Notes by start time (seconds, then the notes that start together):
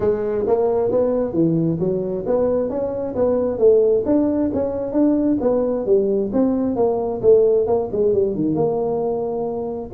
0.00 G#3
0.46 A#3
0.91 B3
1.33 E3
1.79 F#3
2.26 B3
2.69 C#4
3.15 B3
3.58 A3
4.05 D4
4.53 C#4
4.92 D4
5.40 B3
5.85 G3
6.32 C4
6.76 A#3
7.21 A3
7.67 A#3
7.92 G#3
8.13 G3
8.35 D#3
8.54 A#3